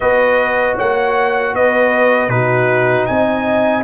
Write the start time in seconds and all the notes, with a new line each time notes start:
0.00 B3 F#4 B4 D#5
0.75 A#3 C#5 F#5
1.54 B3 B4 D#5
2.28 B2 D#4 F#4 B4
3.05 C4 D#5 G#5